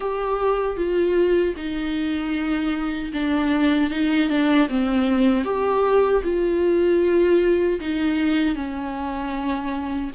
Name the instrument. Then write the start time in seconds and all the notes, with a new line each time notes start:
viola
0.00 G4
0.77 F4
1.56 D#4
3.13 D4
3.90 D#4
4.29 D4
4.69 C4
5.44 G4
6.23 F4
7.80 D#4
8.55 C#4